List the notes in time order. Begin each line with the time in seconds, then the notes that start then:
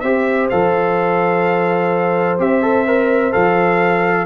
0.00 C4 G4 C5 E5
0.50 F3 A4 F5
2.39 C4 G4 E5
2.62 A4
2.87 A#4
3.32 F3 A4 F5